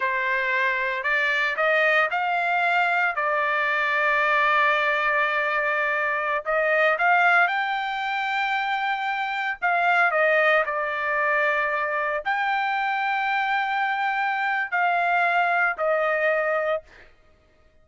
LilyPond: \new Staff \with { instrumentName = "trumpet" } { \time 4/4 \tempo 4 = 114 c''2 d''4 dis''4 | f''2 d''2~ | d''1~ | d''16 dis''4 f''4 g''4.~ g''16~ |
g''2~ g''16 f''4 dis''8.~ | dis''16 d''2. g''8.~ | g''1 | f''2 dis''2 | }